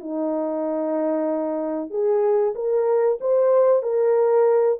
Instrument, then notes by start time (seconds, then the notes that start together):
horn
0.00 D#4
1.90 G#4
2.54 A#4
3.21 C5
3.82 A#4